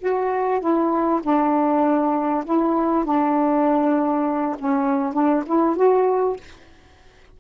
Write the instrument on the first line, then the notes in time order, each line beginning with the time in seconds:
saxophone
0.00 F#4
0.60 E4
1.23 D4
2.45 E4
3.05 D4
4.59 C#4
5.13 D4
5.47 E4
5.77 F#4